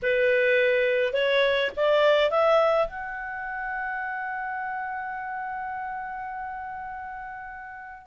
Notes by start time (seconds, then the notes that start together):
0.02 B4
1.13 C#5
1.76 D5
2.30 E5
2.87 F#5